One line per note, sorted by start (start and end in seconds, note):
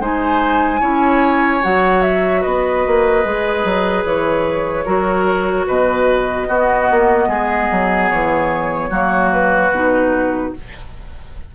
0.00 0.81 G#3
0.00 0.80 D#4
0.00 0.81 C5
0.00 1.63 G#5
0.80 1.62 C#4
0.80 1.61 E4
0.80 2.41 C#5
1.63 2.45 F#3
1.63 3.24 F#4
1.63 2.02 F#5
2.02 2.42 E5
2.41 2.86 B3
2.41 4.84 B4
2.41 4.05 D#5
2.87 3.25 A#3
3.24 3.64 G#3
3.24 4.85 G#4
3.64 4.05 F#3
4.05 4.86 E3
4.05 5.67 C#5
4.85 5.67 F#3
4.85 6.48 F#4
4.85 5.66 A#4
5.67 6.48 B2
5.67 6.48 B4
5.67 8.10 D#5
6.48 8.91 B3
6.48 6.89 B3
6.48 7.29 F#4
6.91 7.28 A#3
7.28 7.68 G#3
7.28 8.90 G#4
7.71 8.11 F#3
8.10 8.90 E3
8.10 9.31 C#5
8.90 9.71 F#3
8.90 9.72 A#3
8.90 10.52 F#4
9.32 10.54 B4
9.71 10.52 B2
9.71 10.55 D#4